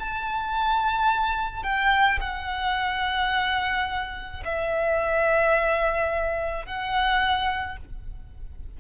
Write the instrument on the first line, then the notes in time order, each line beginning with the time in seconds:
violin
0.00 A5
1.64 G5
2.21 F#5
4.45 E5
6.66 F#5